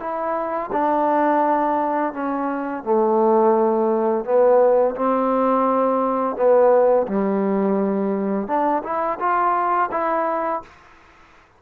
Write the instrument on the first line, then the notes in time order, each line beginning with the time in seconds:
trombone
0.00 E4
0.73 D4
2.14 C#4
2.84 A3
4.25 B3
4.96 C4
6.37 B3
7.08 G3
8.48 D4
8.84 E4
9.20 F4
9.92 E4